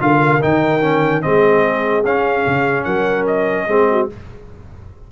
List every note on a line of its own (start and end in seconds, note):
0.00 0.42 D3
0.00 0.41 F4
0.00 1.26 A#4
0.00 0.42 F5
0.41 1.25 D#3
0.41 0.82 D#4
0.41 1.22 G5
0.82 1.23 C#4
1.22 2.05 G#3
1.22 2.04 C4
1.22 2.85 G#4
1.22 2.04 D#5
2.05 2.46 C#4
2.05 3.69 C#4
2.05 2.84 F5
2.47 2.86 C#3
2.84 3.68 F#3
2.84 3.67 A#4
2.84 3.25 F#5
3.27 4.09 D#5
3.68 4.09 G#3
3.68 4.10 C4
3.68 3.89 G#4
3.91 4.12 F#4